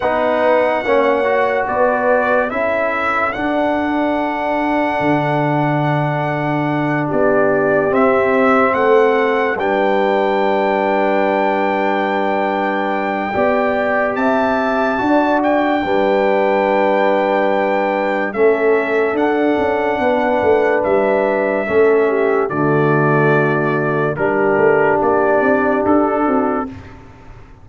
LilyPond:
<<
  \new Staff \with { instrumentName = "trumpet" } { \time 4/4 \tempo 4 = 72 fis''2 d''4 e''4 | fis''1~ | fis''8 d''4 e''4 fis''4 g''8~ | g''1~ |
g''4 a''4. g''4.~ | g''2 e''4 fis''4~ | fis''4 e''2 d''4~ | d''4 ais'4 d''4 a'4 | }
  \new Staff \with { instrumentName = "horn" } { \time 4/4 b'4 cis''4 b'4 a'4~ | a'1~ | a'8 g'2 a'4 b'8~ | b'1 |
d''4 e''4 d''4 b'4~ | b'2 a'2 | b'2 a'8 g'8 fis'4~ | fis'4 g'2~ g'8 fis'8 | }
  \new Staff \with { instrumentName = "trombone" } { \time 4/4 dis'4 cis'8 fis'4. e'4 | d'1~ | d'4. c'2 d'8~ | d'1 |
g'2 fis'4 d'4~ | d'2 cis'4 d'4~ | d'2 cis'4 a4~ | a4 d'2. | }
  \new Staff \with { instrumentName = "tuba" } { \time 4/4 b4 ais4 b4 cis'4 | d'2 d2~ | d8 b4 c'4 a4 g8~ | g1 |
b4 c'4 d'4 g4~ | g2 a4 d'8 cis'8 | b8 a8 g4 a4 d4~ | d4 g8 a8 ais8 c'8 d'8 c'8 | }
>>